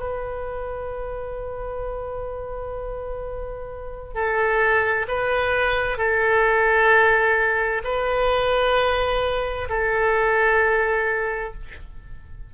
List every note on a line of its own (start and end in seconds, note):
0.00 4.15 B4
4.15 5.07 A4
5.09 5.98 B4
5.98 7.83 A4
7.84 9.69 B4
9.70 11.54 A4